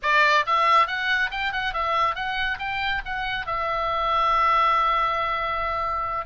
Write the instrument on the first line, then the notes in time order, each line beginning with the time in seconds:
oboe
0.02 D5
0.46 E5
0.87 F#5
1.30 G5
1.52 F#5
1.73 E5
2.15 F#5
2.58 G5
3.05 F#5
3.46 E5